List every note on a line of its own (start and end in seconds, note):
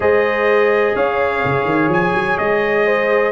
0.00 0.94 G#3
0.00 3.31 G#4
0.00 0.95 C5
0.00 0.95 D#5
0.95 1.43 C#4
0.95 2.86 C#5
0.95 1.91 F5
1.44 1.65 C#3
1.65 1.88 D#3
1.88 2.12 F3
1.88 2.37 G#5
2.14 2.38 F#3
2.37 3.31 G#3
2.37 3.31 D#5
2.86 3.31 C5